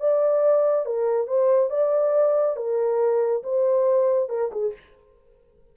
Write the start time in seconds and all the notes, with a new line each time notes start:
0.00 D5
0.86 A#4
1.27 C5
1.70 D5
2.56 A#4
3.43 C5
4.29 A#4
4.51 G#4